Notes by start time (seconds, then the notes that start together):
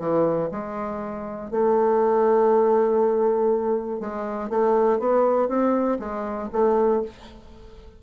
0.00 E3
0.52 G#3
1.51 A3
4.01 G#3
4.50 A3
5.00 B3
5.49 C4
6.00 G#3
6.53 A3